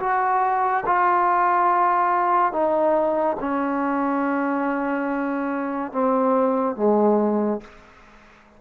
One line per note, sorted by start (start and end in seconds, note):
0.00 0.85 F#4
0.86 2.53 F4
2.53 3.37 D#4
3.40 5.92 C#4
5.92 6.76 C4
6.76 7.61 G#3